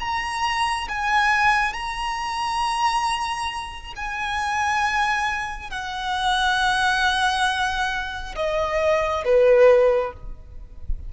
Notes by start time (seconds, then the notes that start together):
0.00 A#5
0.89 G#5
1.74 A#5
3.97 G#5
5.71 F#5
8.36 D#5
9.25 B4